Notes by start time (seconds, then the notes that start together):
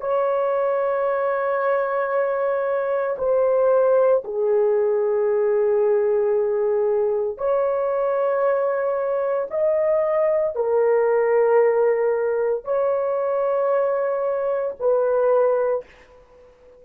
0.00 C#5
3.18 C5
4.24 G#4
7.37 C#5
9.50 D#5
10.55 A#4
12.64 C#5
14.79 B4